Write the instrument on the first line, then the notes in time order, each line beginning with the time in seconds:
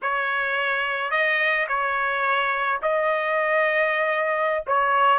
trumpet
0.02 C#5
1.10 D#5
1.67 C#5
2.82 D#5
4.66 C#5